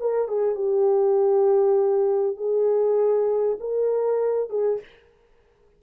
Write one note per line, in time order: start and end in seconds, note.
0.00 0.28 A#4
0.28 0.55 G#4
0.55 2.37 G4
2.37 3.58 G#4
3.60 4.50 A#4
4.50 4.80 G#4